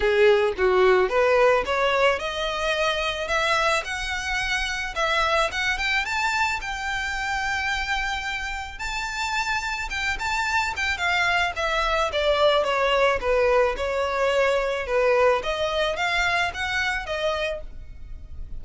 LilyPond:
\new Staff \with { instrumentName = "violin" } { \time 4/4 \tempo 4 = 109 gis'4 fis'4 b'4 cis''4 | dis''2 e''4 fis''4~ | fis''4 e''4 fis''8 g''8 a''4 | g''1 |
a''2 g''8 a''4 g''8 | f''4 e''4 d''4 cis''4 | b'4 cis''2 b'4 | dis''4 f''4 fis''4 dis''4 | }